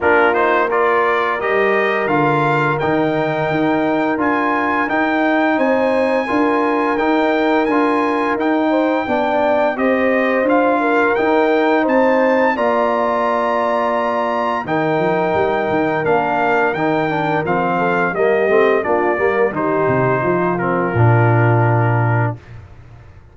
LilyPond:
<<
  \new Staff \with { instrumentName = "trumpet" } { \time 4/4 \tempo 4 = 86 ais'8 c''8 d''4 dis''4 f''4 | g''2 gis''4 g''4 | gis''2 g''4 gis''4 | g''2 dis''4 f''4 |
g''4 a''4 ais''2~ | ais''4 g''2 f''4 | g''4 f''4 dis''4 d''4 | c''4. ais'2~ ais'8 | }
  \new Staff \with { instrumentName = "horn" } { \time 4/4 f'4 ais'2.~ | ais'1 | c''4 ais'2.~ | ais'8 c''8 d''4 c''4. ais'8~ |
ais'4 c''4 d''2~ | d''4 ais'2.~ | ais'4. a'8 g'4 f'8 ais'8 | g'4 f'2. | }
  \new Staff \with { instrumentName = "trombone" } { \time 4/4 d'8 dis'8 f'4 g'4 f'4 | dis'2 f'4 dis'4~ | dis'4 f'4 dis'4 f'4 | dis'4 d'4 g'4 f'4 |
dis'2 f'2~ | f'4 dis'2 d'4 | dis'8 d'8 c'4 ais8 c'8 d'8 ais8 | dis'4. c'8 d'2 | }
  \new Staff \with { instrumentName = "tuba" } { \time 4/4 ais2 g4 d4 | dis4 dis'4 d'4 dis'4 | c'4 d'4 dis'4 d'4 | dis'4 b4 c'4 d'4 |
dis'4 c'4 ais2~ | ais4 dis8 f8 g8 dis8 ais4 | dis4 f4 g8 a8 ais8 g8 | dis8 c8 f4 ais,2 | }
>>